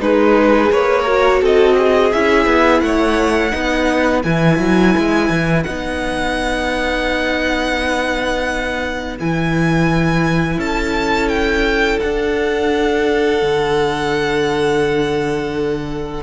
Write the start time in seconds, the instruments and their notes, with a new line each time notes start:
0.00 cello G#3, violin D#4 B4, viola G#4
0.71 cello A#3, violin B4 C#5
1.02 viola F#4, violin A#4
1.41 cello C4, violin A4 D#5
1.77 violin G#4
2.12 cello C#4, viola E4, violin E5
2.46 cello B3
2.81 cello A3, violin C#5 F#5
3.51 cello B3, viola D#4, violin B4
4.23 cello E3, viola E4, violin G#5
4.59 cello F#3
4.97 cello G#3
5.29 cello E3
5.63 cello B3, viola D#4, violin F#5
9.20 cello E3, viola E4, violin G#5
10.57 cello C#4, violin A4 A5
11.29 violin G5
12.00 viola D4, cello D4, violin F#5
13.42 cello D3